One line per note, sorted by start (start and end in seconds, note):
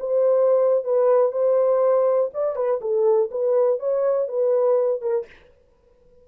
0.00 0.85 C5
0.85 1.32 B4
1.32 2.31 C5
2.34 2.56 D5
2.56 2.81 B4
2.81 3.30 A4
3.31 3.80 B4
3.80 4.29 C#5
4.29 5.02 B4
5.02 5.26 A#4